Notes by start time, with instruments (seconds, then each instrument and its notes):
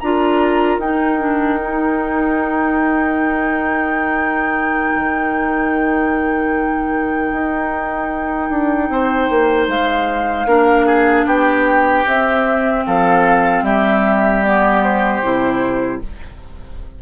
0.00 bassoon D4, clarinet F4, oboe A#4, flute A#5
0.78 bassoon D#4, clarinet D#4, flute G5
1.19 clarinet D4
1.60 clarinet D#4
4.96 bassoon D#3
7.32 bassoon D#4
8.50 bassoon D4
8.90 bassoon C4, oboe C5
9.30 bassoon A#3
9.68 bassoon G#3, flute F5
10.46 bassoon A#3, clarinet D4, oboe A#4
10.86 oboe G#4
11.26 bassoon B3, oboe G4, flute G5
12.07 bassoon C4, clarinet C4, flute E5
12.86 bassoon F3, oboe A4, flute F5
13.63 bassoon G3, oboe G4, flute E5
14.44 clarinet B3, flute D5
14.84 flute C5
15.22 bassoon C3, clarinet E4